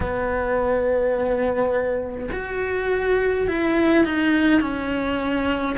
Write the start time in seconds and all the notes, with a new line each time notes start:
0.00 B3
2.32 F#4
3.47 E4
4.04 D#4
4.60 C#4